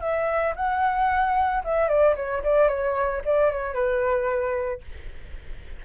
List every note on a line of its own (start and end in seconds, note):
0.00 0.54 E5
0.56 1.63 F#5
1.64 1.88 E5
1.88 2.15 D5
2.16 2.43 C#5
2.43 2.68 D5
2.68 3.22 C#5
3.25 3.51 D5
3.51 3.74 C#5
3.74 4.81 B4